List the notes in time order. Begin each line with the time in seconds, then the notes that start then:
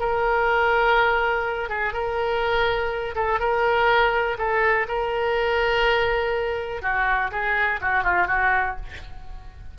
0.00 A#4
1.70 G#4
1.94 A#4
3.16 A4
3.40 A#4
4.38 A4
4.88 A#4
6.82 F#4
7.31 G#4
7.82 F#4
8.04 F4
8.28 F#4